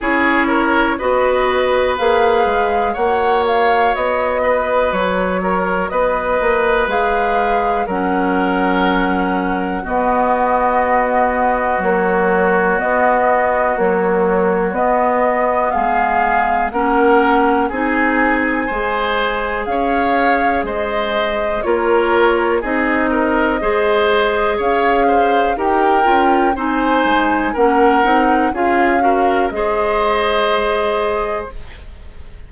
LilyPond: <<
  \new Staff \with { instrumentName = "flute" } { \time 4/4 \tempo 4 = 61 cis''4 dis''4 f''4 fis''8 f''8 | dis''4 cis''4 dis''4 f''4 | fis''2 dis''2 | cis''4 dis''4 cis''4 dis''4 |
f''4 fis''4 gis''2 | f''4 dis''4 cis''4 dis''4~ | dis''4 f''4 g''4 gis''4 | fis''4 f''4 dis''2 | }
  \new Staff \with { instrumentName = "oboe" } { \time 4/4 gis'8 ais'8 b'2 cis''4~ | cis''8 b'4 ais'8 b'2 | ais'2 fis'2~ | fis'1 |
gis'4 ais'4 gis'4 c''4 | cis''4 c''4 ais'4 gis'8 ais'8 | c''4 cis''8 c''8 ais'4 c''4 | ais'4 gis'8 ais'8 c''2 | }
  \new Staff \with { instrumentName = "clarinet" } { \time 4/4 e'4 fis'4 gis'4 fis'4~ | fis'2. gis'4 | cis'2 b2 | fis4 b4 fis4 b4~ |
b4 cis'4 dis'4 gis'4~ | gis'2 f'4 dis'4 | gis'2 g'8 f'8 dis'4 | cis'8 dis'8 f'8 fis'8 gis'2 | }
  \new Staff \with { instrumentName = "bassoon" } { \time 4/4 cis'4 b4 ais8 gis8 ais4 | b4 fis4 b8 ais8 gis4 | fis2 b2 | ais4 b4 ais4 b4 |
gis4 ais4 c'4 gis4 | cis'4 gis4 ais4 c'4 | gis4 cis'4 dis'8 cis'8 c'8 gis8 | ais8 c'8 cis'4 gis2 | }
>>